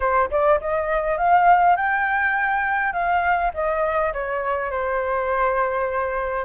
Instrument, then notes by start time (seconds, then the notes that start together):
flute
0.00 C5
0.30 D5
0.60 D#5
1.17 F5
1.76 G5
2.93 F5
3.53 D#5
4.13 C#5
4.71 C5